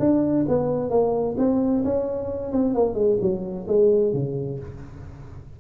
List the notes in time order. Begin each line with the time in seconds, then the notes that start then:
0.00 D4
0.49 B3
0.90 A#3
1.38 C4
1.85 C#4
2.53 C4
2.75 A#3
2.95 G#3
3.21 F#3
3.68 G#3
4.14 C#3